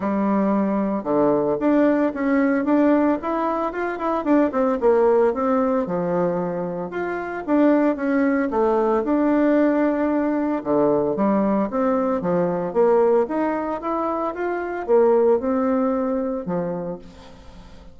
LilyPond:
\new Staff \with { instrumentName = "bassoon" } { \time 4/4 \tempo 4 = 113 g2 d4 d'4 | cis'4 d'4 e'4 f'8 e'8 | d'8 c'8 ais4 c'4 f4~ | f4 f'4 d'4 cis'4 |
a4 d'2. | d4 g4 c'4 f4 | ais4 dis'4 e'4 f'4 | ais4 c'2 f4 | }